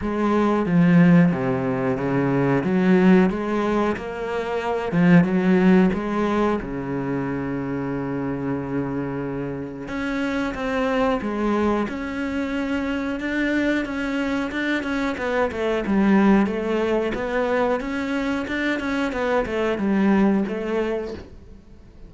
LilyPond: \new Staff \with { instrumentName = "cello" } { \time 4/4 \tempo 4 = 91 gis4 f4 c4 cis4 | fis4 gis4 ais4. f8 | fis4 gis4 cis2~ | cis2. cis'4 |
c'4 gis4 cis'2 | d'4 cis'4 d'8 cis'8 b8 a8 | g4 a4 b4 cis'4 | d'8 cis'8 b8 a8 g4 a4 | }